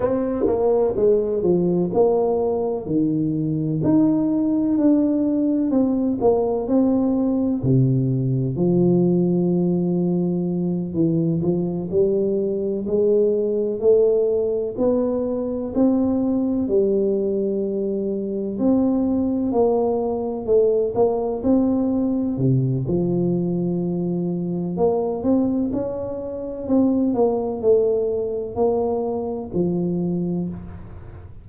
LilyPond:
\new Staff \with { instrumentName = "tuba" } { \time 4/4 \tempo 4 = 63 c'8 ais8 gis8 f8 ais4 dis4 | dis'4 d'4 c'8 ais8 c'4 | c4 f2~ f8 e8 | f8 g4 gis4 a4 b8~ |
b8 c'4 g2 c'8~ | c'8 ais4 a8 ais8 c'4 c8 | f2 ais8 c'8 cis'4 | c'8 ais8 a4 ais4 f4 | }